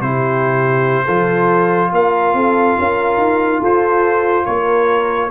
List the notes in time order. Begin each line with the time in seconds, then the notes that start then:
0.00 C3 E4 G4 C5
1.04 F3 F4 A4
1.92 A#3 A#4 F5
2.34 C4 A4
2.78 C#4 A#4
3.17 D#4
3.60 F4 A4 C5
4.45 A#3 A#4 C#5